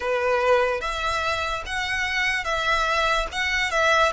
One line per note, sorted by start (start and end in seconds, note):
0.00 0.80 B4
0.80 1.63 E5
1.66 2.44 F#5
2.44 3.27 E5
3.32 3.70 F#5
3.70 4.11 E5